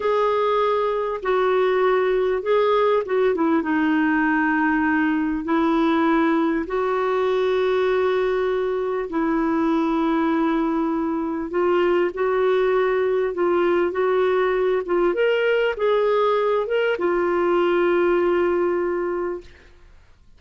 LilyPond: \new Staff \with { instrumentName = "clarinet" } { \time 4/4 \tempo 4 = 99 gis'2 fis'2 | gis'4 fis'8 e'8 dis'2~ | dis'4 e'2 fis'4~ | fis'2. e'4~ |
e'2. f'4 | fis'2 f'4 fis'4~ | fis'8 f'8 ais'4 gis'4. ais'8 | f'1 | }